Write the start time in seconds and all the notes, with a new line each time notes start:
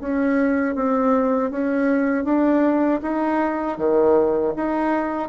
0.00 C#4
0.75 C4
1.51 C#4
2.24 D4
3.02 D#4
3.78 D#3
4.56 D#4